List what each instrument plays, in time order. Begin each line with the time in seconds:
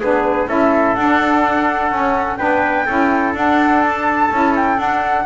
0.00 double bass B3, saxophone D4, trumpet G#4, flute B4
0.48 double bass C#4, saxophone E4, trumpet A4, flute E5
0.95 double bass D4, saxophone D4, flute F#5
1.91 saxophone C#4, double bass C#4
2.37 double bass B3, saxophone D4, trumpet B4, flute G5
2.86 double bass C#4, saxophone E4, trumpet A4
3.34 double bass D4, saxophone D4, flute F#5
3.83 flute A5
4.32 double bass C#4, saxophone E4
4.56 flute G5
4.76 saxophone D4, double bass D4, flute F#5